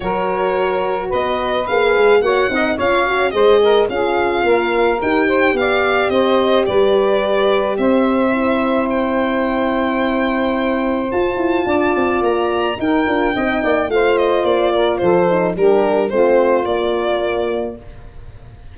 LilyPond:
<<
  \new Staff \with { instrumentName = "violin" } { \time 4/4 \tempo 4 = 108 cis''2 dis''4 f''4 | fis''4 f''4 dis''4 f''4~ | f''4 g''4 f''4 dis''4 | d''2 e''2 |
g''1 | a''2 ais''4 g''4~ | g''4 f''8 dis''8 d''4 c''4 | ais'4 c''4 d''2 | }
  \new Staff \with { instrumentName = "saxophone" } { \time 4/4 ais'2 b'2 | cis''8 dis''8 cis''4 c''8 ais'8 gis'4 | ais'4. c''8 d''4 c''4 | b'2 c''2~ |
c''1~ | c''4 d''2 ais'4 | dis''8 d''8 c''4. ais'8 a'4 | g'4 f'2. | }
  \new Staff \with { instrumentName = "horn" } { \time 4/4 fis'2. gis'4 | fis'8 dis'8 f'8 fis'8 gis'4 f'4~ | f'4 g'2.~ | g'2. e'4~ |
e'1 | f'2. dis'8 f'8 | dis'4 f'2~ f'8 dis'8 | d'4 c'4 ais2 | }
  \new Staff \with { instrumentName = "tuba" } { \time 4/4 fis2 b4 ais8 gis8 | ais8 c'8 cis'4 gis4 cis'4 | ais4 dis'4 b4 c'4 | g2 c'2~ |
c'1 | f'8 e'8 d'8 c'8 ais4 dis'8 d'8 | c'8 ais8 a4 ais4 f4 | g4 a4 ais2 | }
>>